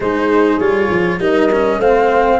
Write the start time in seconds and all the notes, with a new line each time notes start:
0.00 G#3 D#4 G#4 C5
0.59 G3 F4 C#5
0.89 F3
1.19 G3 D#4 A#4 D#5
1.52 C#4
1.78 A3 C4 C5 F5